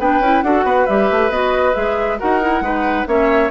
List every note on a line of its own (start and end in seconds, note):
0.00 0.20 B3
0.00 0.22 D4
0.00 0.45 B4
0.00 0.43 G5
0.20 0.42 C#4
0.20 0.45 E4
0.43 0.64 D4
0.43 0.89 F#4
0.43 0.65 A4
0.43 0.87 F#5
0.64 0.86 B3
0.64 2.20 B4
0.87 1.11 G3
0.87 1.32 G4
0.87 1.31 E5
1.11 1.30 A3
1.30 1.74 B3
1.30 1.74 F#4
1.30 1.75 D#5
1.74 2.21 G#3
1.74 2.18 G#4
1.74 2.19 E5
2.20 2.61 D#4
2.20 2.42 F#4
2.20 2.64 A#4
2.20 3.08 F#5
2.42 2.64 E4
2.61 3.05 G#3
2.61 3.07 D#4
2.61 3.09 B4
3.07 3.51 A#3
3.07 3.51 C#4
3.07 3.51 C#5
3.07 3.51 E5